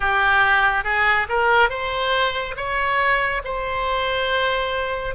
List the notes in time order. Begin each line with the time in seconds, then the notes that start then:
0.00 G4
0.84 G#4
1.29 A#4
1.69 C5
2.56 C#5
3.44 C5